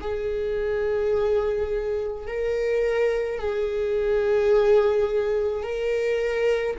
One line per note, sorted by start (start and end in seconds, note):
0.00 2.26 G#4
2.26 3.39 A#4
3.39 5.63 G#4
5.63 6.76 A#4